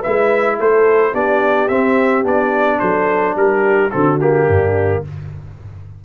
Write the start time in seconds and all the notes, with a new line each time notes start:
0.00 E4 B4 E5
0.06 G#3
0.59 A3 A4 C5
1.12 B3 D4 G4 D5
1.68 C4 E5
2.23 B3 D4 D5
2.79 F#3 A4 C5
3.35 G3 G4 A#4
3.91 D3 C4 F#4 A4
4.21 A#3 G4
4.47 G2 D4